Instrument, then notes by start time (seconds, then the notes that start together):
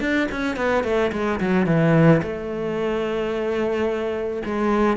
cello
0.00 D4
0.31 C#4
0.56 B3
0.84 A3
1.12 G#3
1.40 F#3
1.66 E3
2.22 A3
4.45 G#3